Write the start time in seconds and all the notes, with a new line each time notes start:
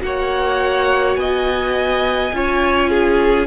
0.00 A#3 F#4 F#5
0.06 C#5
1.16 B3 D#5 G#5
2.33 C#4 F4 C#5
2.90 G#4